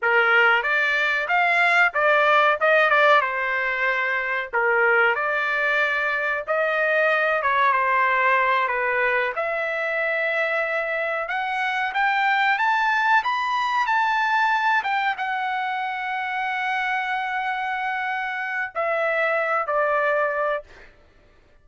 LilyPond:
\new Staff \with { instrumentName = "trumpet" } { \time 4/4 \tempo 4 = 93 ais'4 d''4 f''4 d''4 | dis''8 d''8 c''2 ais'4 | d''2 dis''4. cis''8 | c''4. b'4 e''4.~ |
e''4. fis''4 g''4 a''8~ | a''8 b''4 a''4. g''8 fis''8~ | fis''1~ | fis''4 e''4. d''4. | }